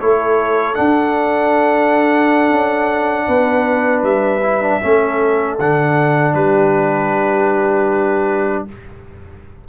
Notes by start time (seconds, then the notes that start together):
0.00 A3 E4 A4 C#5
0.75 D4 F#5
2.50 C#4
3.27 B3 B4
4.02 G3 E5
4.43 E4
4.62 D4
4.82 A3 C#4 A4
5.59 D3 D4 F#5
6.34 G3 G4 B4